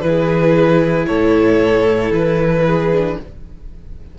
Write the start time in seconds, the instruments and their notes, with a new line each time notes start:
0.00 cello E3, viola E4, violin B4
0.07 violin G#4
1.07 cello A2, violin A4 C#5
2.11 cello E3, violin B4
2.65 violin G#4
2.92 viola D4